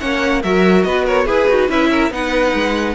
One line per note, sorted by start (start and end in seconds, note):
0.00 0.44 A#3
0.00 0.42 C#4
0.00 0.43 C#5
0.00 0.43 F#5
0.43 0.85 F#3
0.43 1.28 F#4
0.43 0.86 A#4
0.43 0.84 E5
0.84 1.27 B3
0.84 1.05 B4
0.84 1.05 D#5
1.05 1.26 A#4
1.05 1.28 C#5
1.26 1.48 E4
1.26 1.69 G#4
1.26 1.49 G#4
1.26 1.71 B4
1.49 1.69 D#4
1.49 1.70 F#4
1.69 2.11 C#4
1.69 2.12 E4
1.69 1.90 B4
1.69 2.13 E5
1.91 2.12 A#4
2.11 2.53 B3
2.11 2.96 D#4
2.11 2.96 B4
2.11 2.96 F#5
2.54 2.96 G#3